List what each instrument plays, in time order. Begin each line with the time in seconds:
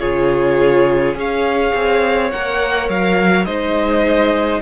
0.00 cello C#3, viola F4, violin G#4 C#5
1.15 cello C#4, viola G#4, violin C#5 F5
1.75 cello C4
2.31 cello A#3, viola A#4, violin F#5
2.89 cello F#3, violin F5
3.45 cello G#3, viola D#4, violin C5 D#5